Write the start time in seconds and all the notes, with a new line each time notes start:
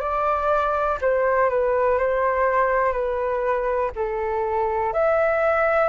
0.00 D5
1.01 C5
1.49 B4
1.98 C5
2.92 B4
3.96 A4
4.93 E5